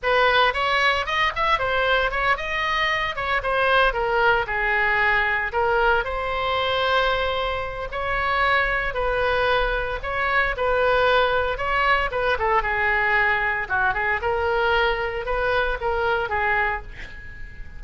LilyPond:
\new Staff \with { instrumentName = "oboe" } { \time 4/4 \tempo 4 = 114 b'4 cis''4 dis''8 e''8 c''4 | cis''8 dis''4. cis''8 c''4 ais'8~ | ais'8 gis'2 ais'4 c''8~ | c''2. cis''4~ |
cis''4 b'2 cis''4 | b'2 cis''4 b'8 a'8 | gis'2 fis'8 gis'8 ais'4~ | ais'4 b'4 ais'4 gis'4 | }